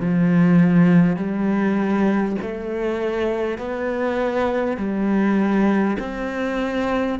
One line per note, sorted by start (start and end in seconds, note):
0.00 1.16 F3
1.16 2.36 G3
2.42 3.58 A3
3.58 4.77 B3
4.77 5.97 G3
5.99 7.19 C4